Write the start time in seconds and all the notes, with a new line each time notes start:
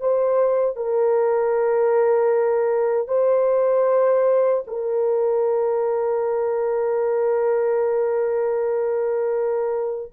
0.00 C5
0.76 A#4
3.08 C5
4.67 A#4